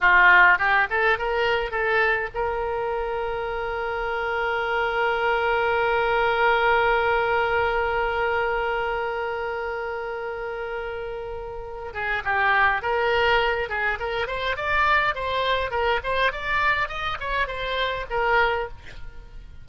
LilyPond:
\new Staff \with { instrumentName = "oboe" } { \time 4/4 \tempo 4 = 103 f'4 g'8 a'8 ais'4 a'4 | ais'1~ | ais'1~ | ais'1~ |
ais'1~ | ais'8 gis'8 g'4 ais'4. gis'8 | ais'8 c''8 d''4 c''4 ais'8 c''8 | d''4 dis''8 cis''8 c''4 ais'4 | }